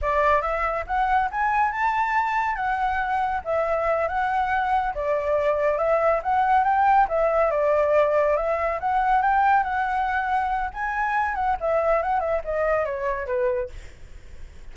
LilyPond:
\new Staff \with { instrumentName = "flute" } { \time 4/4 \tempo 4 = 140 d''4 e''4 fis''4 gis''4 | a''2 fis''2 | e''4. fis''2 d''8~ | d''4. e''4 fis''4 g''8~ |
g''8 e''4 d''2 e''8~ | e''8 fis''4 g''4 fis''4.~ | fis''4 gis''4. fis''8 e''4 | fis''8 e''8 dis''4 cis''4 b'4 | }